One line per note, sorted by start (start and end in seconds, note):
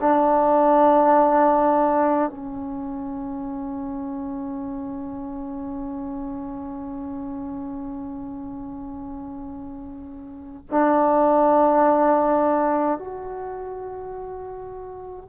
0.00 2.30 D4
2.30 10.67 C#4
10.72 12.99 D4
12.99 15.29 F#4